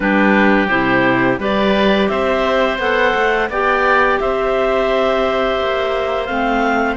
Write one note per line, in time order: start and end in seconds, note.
0.00 0.69 G3
0.00 0.68 D4
0.00 1.40 G4
0.00 0.67 B4
0.67 1.38 C3
0.67 1.38 E4
0.67 1.37 C5
1.38 2.08 G3
1.38 2.78 G4
1.38 2.09 B4
1.38 2.08 D5
2.08 2.78 C4
2.08 3.49 C5
2.08 2.78 E5
2.78 3.13 B3
2.78 3.49 A4
2.78 3.49 F#5
3.14 3.49 A3
3.49 4.19 B3
3.49 6.28 G4
3.49 4.19 D5
3.49 4.19 G5
4.19 5.59 C4
4.19 6.97 C5
4.19 6.25 E5
5.59 6.28 A#3
6.25 6.97 A3
6.25 6.97 C4
6.25 6.94 F5